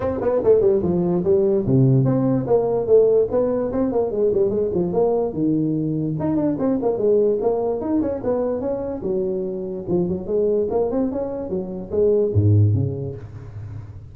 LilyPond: \new Staff \with { instrumentName = "tuba" } { \time 4/4 \tempo 4 = 146 c'8 b8 a8 g8 f4 g4 | c4 c'4 ais4 a4 | b4 c'8 ais8 gis8 g8 gis8 f8 | ais4 dis2 dis'8 d'8 |
c'8 ais8 gis4 ais4 dis'8 cis'8 | b4 cis'4 fis2 | f8 fis8 gis4 ais8 c'8 cis'4 | fis4 gis4 gis,4 cis4 | }